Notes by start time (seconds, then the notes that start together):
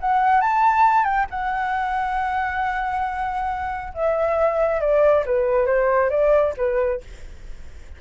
0.00 F#5
0.41 A5
1.04 G5
1.30 F#5
3.94 E5
4.80 D5
5.26 B4
5.66 C5
6.10 D5
6.57 B4